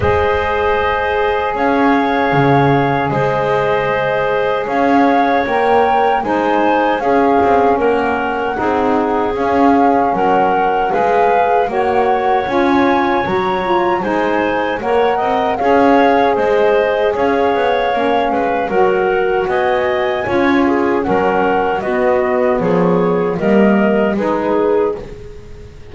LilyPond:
<<
  \new Staff \with { instrumentName = "flute" } { \time 4/4 \tempo 4 = 77 dis''2 f''2 | dis''2 f''4 g''4 | gis''4 f''4 fis''2 | f''4 fis''4 f''4 fis''4 |
gis''4 ais''4 gis''4 fis''4 | f''4 dis''4 f''2 | fis''4 gis''2 fis''4 | dis''4 cis''4 dis''4 b'4 | }
  \new Staff \with { instrumentName = "clarinet" } { \time 4/4 c''2 cis''2 | c''2 cis''2 | c''4 gis'4 ais'4 gis'4~ | gis'4 ais'4 b'4 cis''4~ |
cis''2 c''4 cis''8 dis''8 | cis''4 c''4 cis''4. b'8 | ais'4 dis''4 cis''8 gis'8 ais'4 | fis'4 gis'4 ais'4 gis'4 | }
  \new Staff \with { instrumentName = "saxophone" } { \time 4/4 gis'1~ | gis'2. ais'4 | dis'4 cis'2 dis'4 | cis'2 gis'4 fis'4 |
f'4 fis'8 f'8 dis'4 ais'4 | gis'2. cis'4 | fis'2 f'4 cis'4 | b2 ais4 dis'4 | }
  \new Staff \with { instrumentName = "double bass" } { \time 4/4 gis2 cis'4 cis4 | gis2 cis'4 ais4 | gis4 cis'8 c'8 ais4 c'4 | cis'4 fis4 gis4 ais4 |
cis'4 fis4 gis4 ais8 c'8 | cis'4 gis4 cis'8 b8 ais8 gis8 | fis4 b4 cis'4 fis4 | b4 f4 g4 gis4 | }
>>